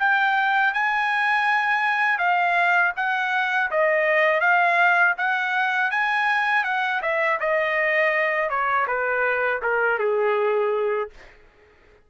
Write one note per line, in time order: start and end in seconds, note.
0.00 0.74 G5
0.74 2.19 G#5
2.19 2.93 F5
2.97 3.71 F#5
3.71 4.41 D#5
4.41 5.15 F5
5.18 5.91 F#5
5.91 6.64 G#5
6.64 7.01 F#5
7.02 7.39 E5
7.40 8.50 D#5
8.50 8.87 C#5
8.87 9.61 B4
9.62 9.99 A#4
9.99 11.10 G#4